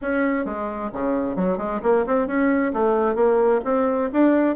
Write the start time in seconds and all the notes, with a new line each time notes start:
0.01 C#4
0.45 G#3
0.93 C#3
1.35 F#3
1.57 G#3
1.83 A#3
2.06 C4
2.27 C#4
2.73 A3
3.15 A#3
3.64 C4
4.13 D4